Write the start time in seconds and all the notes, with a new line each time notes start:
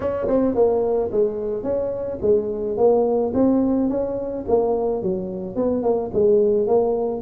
0.00 C#4
0.27 C4
0.54 A#3
1.11 G#3
1.63 C#4
2.21 G#3
2.77 A#3
3.33 C4
3.89 C#4
4.48 A#3
5.02 F#3
5.55 B3
5.82 A#3
6.13 G#3
6.67 A#3